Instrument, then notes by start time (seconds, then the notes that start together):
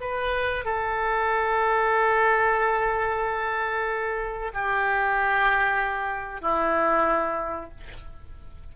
oboe
0.00 B4
0.65 A4
4.53 G4
6.41 E4